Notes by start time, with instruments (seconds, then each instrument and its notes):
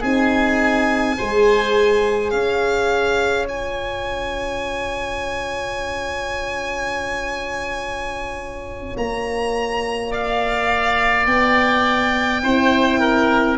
0.00 tuba C4, horn D#4, oboe G#4, violin G#5
1.17 tuba G#3, horn G#4, oboe C5
2.30 tuba C#4, oboe C#5, violin F5
3.48 horn F4, violin G#5
8.96 tuba A#3, violin A#5
10.11 oboe D5, violin F5
11.26 tuba B3, violin G5
12.42 tuba C4, horn E4, oboe C5
13.00 oboe A#4